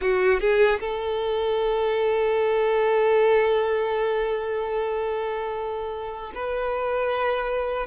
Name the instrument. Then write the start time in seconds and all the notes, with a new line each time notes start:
violin
0.01 F#4
0.40 G#4
0.79 A4
6.34 B4